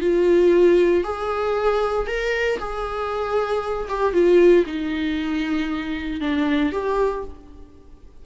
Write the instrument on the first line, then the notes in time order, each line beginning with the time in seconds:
viola
0.00 F4
1.03 G#4
2.07 A#4
2.59 G#4
3.88 G4
4.12 F4
4.66 D#4
6.20 D4
6.72 G4